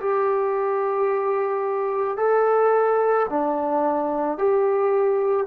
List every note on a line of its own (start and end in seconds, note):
0.00 2.17 G4
2.17 3.26 A4
3.29 4.38 D4
4.38 5.46 G4